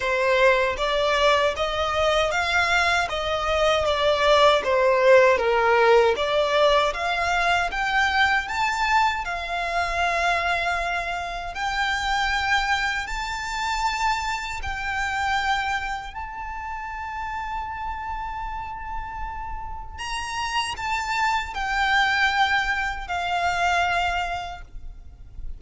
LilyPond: \new Staff \with { instrumentName = "violin" } { \time 4/4 \tempo 4 = 78 c''4 d''4 dis''4 f''4 | dis''4 d''4 c''4 ais'4 | d''4 f''4 g''4 a''4 | f''2. g''4~ |
g''4 a''2 g''4~ | g''4 a''2.~ | a''2 ais''4 a''4 | g''2 f''2 | }